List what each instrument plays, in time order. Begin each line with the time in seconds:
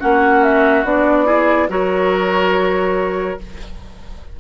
0.00 bassoon A#3, clarinet C#4, oboe F#4, flute F#5
0.43 flute E5
0.84 bassoon B3, clarinet D4, flute D5
1.26 clarinet E4, oboe G#4
1.69 bassoon F#3, clarinet F#4, oboe A#4, flute C#5